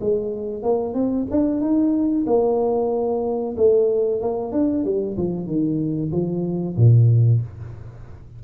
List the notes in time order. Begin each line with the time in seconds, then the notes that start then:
0.00 G#3
0.62 A#3
0.94 C4
1.30 D4
1.60 D#4
2.26 A#3
3.56 A3
4.21 A#3
4.52 D4
4.84 G3
5.17 F3
5.46 D#3
6.11 F3
6.76 A#2